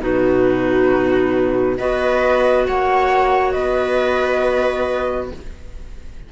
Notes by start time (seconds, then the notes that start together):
0.00 B2 D#4 F#4 B4
1.78 B3 F#4 B4 D#5
2.67 A#3 C#5 F#5
3.52 B3 B4 D#5